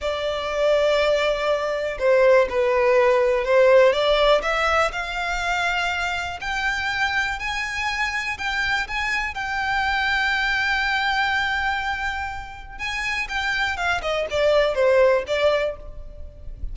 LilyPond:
\new Staff \with { instrumentName = "violin" } { \time 4/4 \tempo 4 = 122 d''1 | c''4 b'2 c''4 | d''4 e''4 f''2~ | f''4 g''2 gis''4~ |
gis''4 g''4 gis''4 g''4~ | g''1~ | g''2 gis''4 g''4 | f''8 dis''8 d''4 c''4 d''4 | }